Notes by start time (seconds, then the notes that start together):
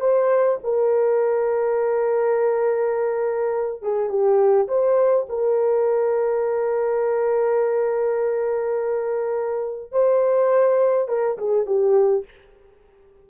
0.00 C5
0.63 A#4
3.82 G#4
4.09 G4
4.68 C5
5.29 A#4
9.92 C5
11.08 A#4
11.38 G#4
11.66 G4